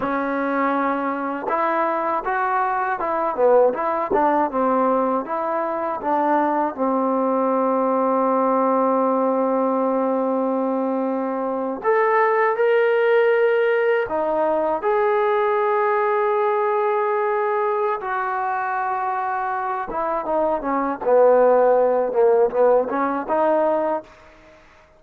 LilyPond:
\new Staff \with { instrumentName = "trombone" } { \time 4/4 \tempo 4 = 80 cis'2 e'4 fis'4 | e'8 b8 e'8 d'8 c'4 e'4 | d'4 c'2.~ | c'2.~ c'8. a'16~ |
a'8. ais'2 dis'4 gis'16~ | gis'1 | fis'2~ fis'8 e'8 dis'8 cis'8 | b4. ais8 b8 cis'8 dis'4 | }